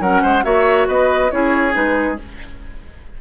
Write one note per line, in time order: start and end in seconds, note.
0.00 0.22 F#3
0.00 0.43 C#4
0.00 0.22 A#4
0.00 0.44 F#5
0.22 0.44 G#3
0.22 0.44 C5
0.43 0.88 A#3
0.43 1.30 F#4
0.43 0.88 C#5
0.43 0.87 E5
0.88 1.31 B3
0.88 1.31 B4
0.88 1.31 D#5
1.30 1.75 C#4
1.30 1.72 E4
1.30 2.21 G#4
1.30 1.74 C#5
1.72 2.19 G#3
1.72 2.15 D#4
1.72 2.18 B4